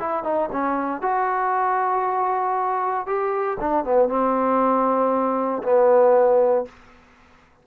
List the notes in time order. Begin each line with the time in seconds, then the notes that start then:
0.00 E4
0.24 D#4
0.52 C#4
1.02 F#4
3.07 G4
3.61 D4
3.85 B3
4.09 C4
5.63 B3